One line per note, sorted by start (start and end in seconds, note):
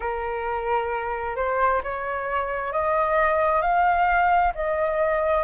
0.00 1.36 A#4
1.36 1.81 C5
1.83 2.72 C#5
2.72 3.61 D#5
3.61 4.52 F5
4.55 5.43 D#5